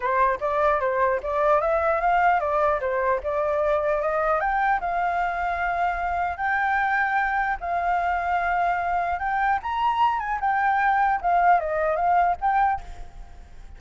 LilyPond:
\new Staff \with { instrumentName = "flute" } { \time 4/4 \tempo 4 = 150 c''4 d''4 c''4 d''4 | e''4 f''4 d''4 c''4 | d''2 dis''4 g''4 | f''1 |
g''2. f''4~ | f''2. g''4 | ais''4. gis''8 g''2 | f''4 dis''4 f''4 g''4 | }